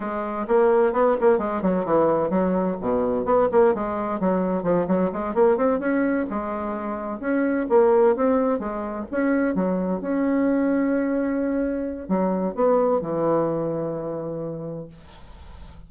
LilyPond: \new Staff \with { instrumentName = "bassoon" } { \time 4/4 \tempo 4 = 129 gis4 ais4 b8 ais8 gis8 fis8 | e4 fis4 b,4 b8 ais8 | gis4 fis4 f8 fis8 gis8 ais8 | c'8 cis'4 gis2 cis'8~ |
cis'8 ais4 c'4 gis4 cis'8~ | cis'8 fis4 cis'2~ cis'8~ | cis'2 fis4 b4 | e1 | }